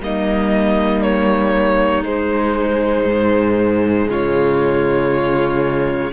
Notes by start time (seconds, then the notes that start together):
0.00 G3 A#3 D#4 D#5
1.02 C#5
2.03 G#3 C5
3.05 G#2
4.08 C#3 F4 C#5